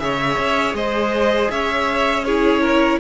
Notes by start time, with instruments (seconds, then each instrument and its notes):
0.00 cello C#3, viola G#4, violin C#5 E5
0.38 cello C#4
0.74 cello G#3, violin C5 D#5
1.51 cello C#4, violin C#5 E5
2.25 viola E4, violin G#4 C#5
2.62 violin A#4